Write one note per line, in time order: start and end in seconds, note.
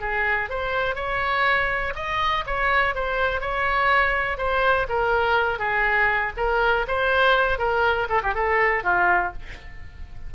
0.00 0.49 G#4
0.49 0.95 C5
0.95 1.93 C#5
1.95 2.44 D#5
2.46 2.95 C#5
2.95 3.40 C5
3.40 4.37 C#5
4.37 4.87 C5
4.88 5.59 A#4
5.59 6.32 G#4
6.37 6.86 A#4
6.87 7.58 C5
7.58 8.07 A#4
8.09 8.21 A4
8.23 8.34 G4
8.34 8.83 A4
8.83 9.33 F4